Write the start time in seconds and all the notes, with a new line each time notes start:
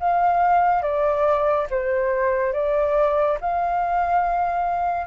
0.00 F5
0.82 D5
1.70 C5
2.53 D5
3.40 F5